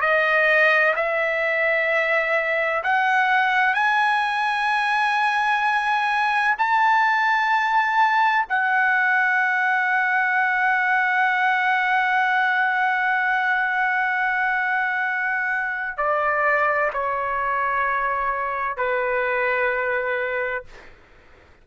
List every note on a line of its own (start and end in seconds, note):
0.00 0.94 D#5
0.95 2.83 E5
2.83 3.74 F#5
3.74 6.55 G#5
6.58 8.45 A5
8.49 15.97 F#5
15.97 16.90 D5
16.93 18.77 C#5
18.77 20.64 B4